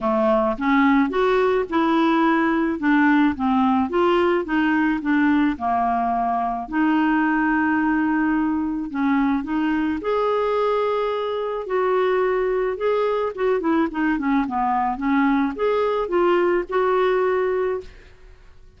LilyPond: \new Staff \with { instrumentName = "clarinet" } { \time 4/4 \tempo 4 = 108 a4 cis'4 fis'4 e'4~ | e'4 d'4 c'4 f'4 | dis'4 d'4 ais2 | dis'1 |
cis'4 dis'4 gis'2~ | gis'4 fis'2 gis'4 | fis'8 e'8 dis'8 cis'8 b4 cis'4 | gis'4 f'4 fis'2 | }